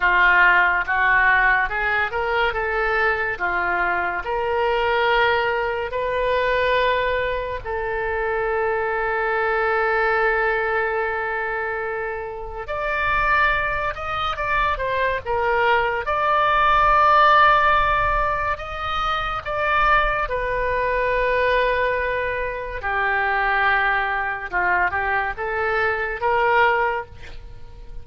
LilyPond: \new Staff \with { instrumentName = "oboe" } { \time 4/4 \tempo 4 = 71 f'4 fis'4 gis'8 ais'8 a'4 | f'4 ais'2 b'4~ | b'4 a'2.~ | a'2. d''4~ |
d''8 dis''8 d''8 c''8 ais'4 d''4~ | d''2 dis''4 d''4 | b'2. g'4~ | g'4 f'8 g'8 a'4 ais'4 | }